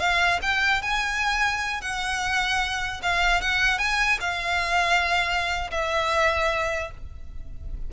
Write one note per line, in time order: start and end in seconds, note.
0.00 0.40 F5
0.42 0.82 G5
0.82 1.82 G#5
1.82 3.02 F#5
3.03 3.42 F5
3.42 3.79 F#5
3.79 4.19 G#5
4.21 5.71 F5
5.71 6.91 E5